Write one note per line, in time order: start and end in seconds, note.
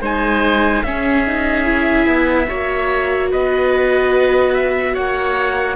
0.00 0.82 G#3
0.00 0.85 D#4
0.00 0.83 C5
0.00 0.83 G#5
0.83 2.06 C#4
0.83 1.26 C#4
0.83 2.48 G#4
0.83 3.29 E5
1.27 1.64 D#4
1.64 2.46 E4
2.06 2.47 B3
2.48 3.33 A#3
2.48 5.75 F#4
2.48 3.30 C#5
3.30 4.96 B3
3.30 4.93 B4
3.30 4.53 D#5
4.53 4.94 E5
4.93 5.75 A#3
4.93 5.75 C#5
4.93 5.75 F#5